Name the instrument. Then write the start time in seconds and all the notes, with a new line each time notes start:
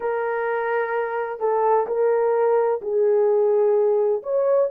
horn
0.00 A#4
1.39 A4
1.87 A#4
2.81 G#4
4.22 C#5